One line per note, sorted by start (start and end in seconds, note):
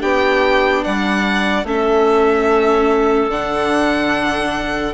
0.00 0.84 B3
0.00 1.64 D4
0.00 0.82 G4
0.00 0.84 G5
0.84 1.64 G3
0.84 1.65 D5
0.84 1.66 F#5
1.64 3.28 A3
1.64 3.30 C#4
1.64 4.93 A4
1.64 3.30 E5
3.28 4.93 D3
3.28 4.93 D4
3.28 4.93 F#5